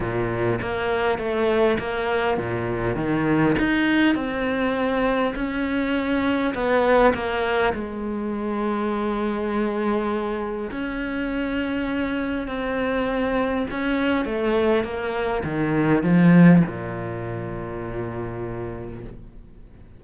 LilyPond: \new Staff \with { instrumentName = "cello" } { \time 4/4 \tempo 4 = 101 ais,4 ais4 a4 ais4 | ais,4 dis4 dis'4 c'4~ | c'4 cis'2 b4 | ais4 gis2.~ |
gis2 cis'2~ | cis'4 c'2 cis'4 | a4 ais4 dis4 f4 | ais,1 | }